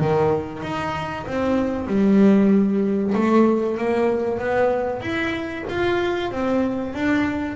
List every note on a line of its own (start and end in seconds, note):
0.00 0.63 D#3
0.63 1.26 D#4
1.27 1.88 C4
1.88 3.14 G3
3.15 3.78 A3
3.78 4.39 A#3
4.39 5.02 B3
5.02 5.65 E4
5.69 6.32 F4
6.32 6.94 C4
6.94 7.56 D4